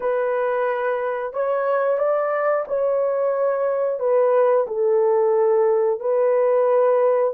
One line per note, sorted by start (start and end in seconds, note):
0.00 1.33 B4
1.33 1.98 C#5
1.98 2.65 D5
2.67 3.99 C#5
3.99 4.66 B4
4.67 6.00 A4
6.00 7.33 B4